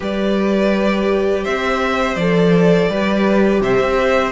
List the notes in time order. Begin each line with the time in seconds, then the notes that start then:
0.00 G3 G4 B4 D5
1.43 C4 C5 E5
2.15 F3 A4 D5
2.89 G3 G4 B4
3.60 C3 C5 E5
3.79 C4